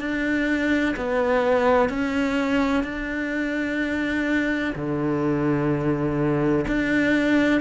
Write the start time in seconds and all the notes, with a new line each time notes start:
0.00 D4
0.97 B3
1.89 C#4
2.84 D4
4.75 D3
6.68 D4